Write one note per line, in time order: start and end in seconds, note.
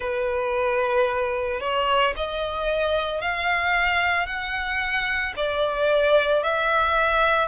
0.00 1.60 B4
1.60 2.14 C#5
2.16 3.21 D#5
3.21 4.26 F5
4.26 5.33 F#5
5.36 6.43 D5
6.43 7.47 E5